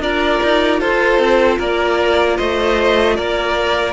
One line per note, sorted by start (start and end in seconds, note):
0.00 0.39 D4
0.00 3.93 F4
0.00 0.80 A#4
0.00 0.80 D5
0.43 0.81 D#4
0.80 1.19 F4
0.80 1.58 A4
0.80 1.59 C5
1.19 1.58 C4
1.58 2.38 A#3
1.58 2.36 A#4
1.58 2.37 D5
2.36 3.19 A3
2.36 3.15 C5
2.36 3.16 D#5
3.16 3.93 A#3
3.16 3.93 A#4
3.16 3.93 D5